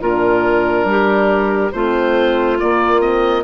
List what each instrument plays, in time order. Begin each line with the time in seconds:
0.00 bassoon A#2, horn D4, clarinet F4, oboe A#4
0.84 bassoon G3, clarinet G4
1.71 bassoon A3, horn C4, clarinet F4, oboe C5
2.58 horn A#3, bassoon A#3, oboe D5
2.99 horn C4, oboe D#5